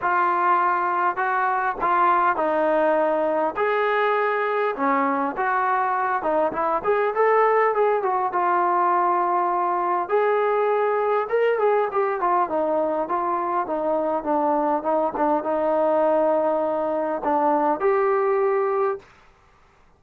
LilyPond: \new Staff \with { instrumentName = "trombone" } { \time 4/4 \tempo 4 = 101 f'2 fis'4 f'4 | dis'2 gis'2 | cis'4 fis'4. dis'8 e'8 gis'8 | a'4 gis'8 fis'8 f'2~ |
f'4 gis'2 ais'8 gis'8 | g'8 f'8 dis'4 f'4 dis'4 | d'4 dis'8 d'8 dis'2~ | dis'4 d'4 g'2 | }